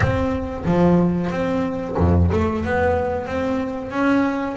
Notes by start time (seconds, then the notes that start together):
0.00 C4
0.65 F3
1.30 C4
1.97 F2
2.32 A3
2.64 B3
3.25 C4
3.90 C#4